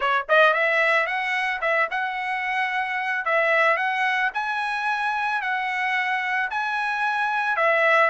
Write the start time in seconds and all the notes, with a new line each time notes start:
0.00 C#5
0.28 D#5
0.53 E5
1.06 F#5
1.61 E5
1.90 F#5
3.25 E5
3.76 F#5
4.34 G#5
5.41 F#5
6.50 G#5
7.56 E5